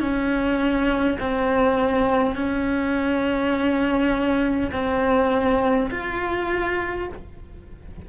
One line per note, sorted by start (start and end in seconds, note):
0.00 1.18 C#4
1.20 2.35 C4
2.35 4.71 C#4
4.72 5.90 C4
5.90 7.08 F4